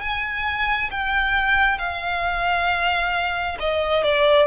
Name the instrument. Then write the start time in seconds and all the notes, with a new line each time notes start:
violin
0.00 G#5
0.90 G5
1.78 F5
3.59 D#5
4.03 D5